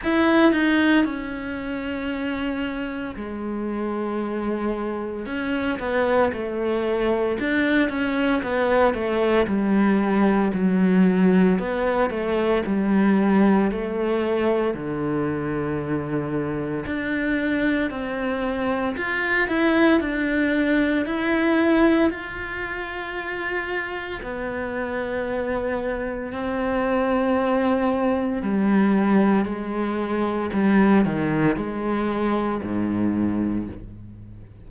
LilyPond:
\new Staff \with { instrumentName = "cello" } { \time 4/4 \tempo 4 = 57 e'8 dis'8 cis'2 gis4~ | gis4 cis'8 b8 a4 d'8 cis'8 | b8 a8 g4 fis4 b8 a8 | g4 a4 d2 |
d'4 c'4 f'8 e'8 d'4 | e'4 f'2 b4~ | b4 c'2 g4 | gis4 g8 dis8 gis4 gis,4 | }